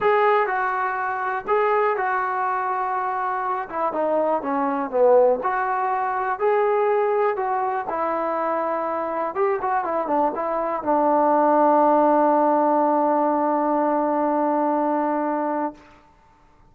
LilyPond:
\new Staff \with { instrumentName = "trombone" } { \time 4/4 \tempo 4 = 122 gis'4 fis'2 gis'4 | fis'2.~ fis'8 e'8 | dis'4 cis'4 b4 fis'4~ | fis'4 gis'2 fis'4 |
e'2. g'8 fis'8 | e'8 d'8 e'4 d'2~ | d'1~ | d'1 | }